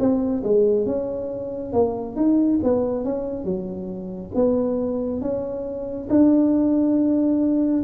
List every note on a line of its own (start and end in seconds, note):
0.00 0.43 C4
0.44 0.87 G#3
0.87 1.73 C#4
1.73 2.17 A#3
2.17 2.60 D#4
2.64 3.05 B3
3.05 3.45 C#4
3.45 4.32 F#3
4.35 5.21 B3
5.21 6.08 C#4
6.10 7.84 D4